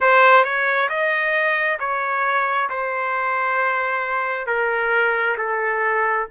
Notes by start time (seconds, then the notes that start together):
0.00 C5
0.44 C#5
0.89 D#5
1.79 C#5
2.69 C5
4.46 A#4
5.37 A4